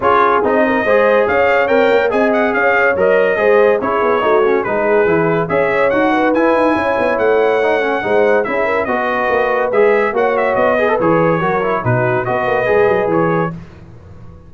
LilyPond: <<
  \new Staff \with { instrumentName = "trumpet" } { \time 4/4 \tempo 4 = 142 cis''4 dis''2 f''4 | g''4 gis''8 fis''8 f''4 dis''4~ | dis''4 cis''2 b'4~ | b'4 e''4 fis''4 gis''4~ |
gis''4 fis''2. | e''4 dis''2 e''4 | fis''8 e''8 dis''4 cis''2 | b'4 dis''2 cis''4 | }
  \new Staff \with { instrumentName = "horn" } { \time 4/4 gis'4. ais'8 c''4 cis''4~ | cis''4 dis''4 cis''2 | c''4 gis'4 fis'4 gis'4~ | gis'4 cis''4. b'4. |
cis''2. c''4 | gis'8 ais'8 b'2. | cis''4. b'4. ais'4 | fis'4 b'2. | }
  \new Staff \with { instrumentName = "trombone" } { \time 4/4 f'4 dis'4 gis'2 | ais'4 gis'2 ais'4 | gis'4 e'4 dis'8 cis'8 dis'4 | e'4 gis'4 fis'4 e'4~ |
e'2 dis'8 cis'8 dis'4 | e'4 fis'2 gis'4 | fis'4. gis'16 a'16 gis'4 fis'8 e'8 | dis'4 fis'4 gis'2 | }
  \new Staff \with { instrumentName = "tuba" } { \time 4/4 cis'4 c'4 gis4 cis'4 | c'8 ais8 c'4 cis'4 fis4 | gis4 cis'8 b8 a4 gis4 | e4 cis'4 dis'4 e'8 dis'8 |
cis'8 b8 a2 gis4 | cis'4 b4 ais4 gis4 | ais4 b4 e4 fis4 | b,4 b8 ais8 gis8 fis8 e4 | }
>>